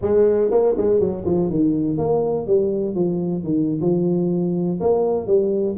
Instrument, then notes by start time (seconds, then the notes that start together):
tuba
0.01 G#3
0.50 A#3
0.77 G#3
0.99 F#3
1.25 F3
1.50 D#3
1.97 A#3
2.46 G3
2.94 F3
3.43 D#3
3.81 F3
4.80 A#3
5.26 G3